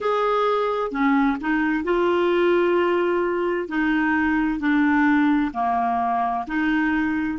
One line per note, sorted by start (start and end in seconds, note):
0.00 0.91 G#4
0.91 1.37 C#4
1.41 1.84 D#4
1.84 3.68 F4
3.68 4.59 D#4
4.59 5.51 D4
5.53 6.45 A#3
6.47 7.38 D#4